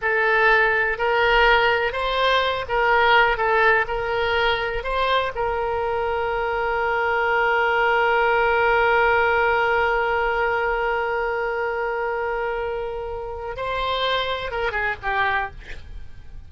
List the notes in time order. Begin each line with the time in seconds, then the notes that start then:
0.01 A4
0.97 A#4
1.92 C5
2.68 A#4
3.37 A4
3.87 A#4
4.83 C5
5.35 A#4
13.56 C5
14.51 A#4
14.71 G#4
15.02 G4